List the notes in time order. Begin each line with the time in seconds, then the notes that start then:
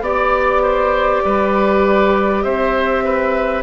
0.00 B3 G4 D5
0.62 C5
1.24 G3 B4
2.42 C4 C5 E5
3.04 B4